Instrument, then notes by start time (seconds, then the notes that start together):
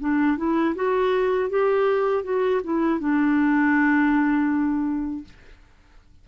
clarinet
0.00 D4
0.38 E4
0.75 F#4
1.50 G4
2.24 F#4
2.64 E4
3.00 D4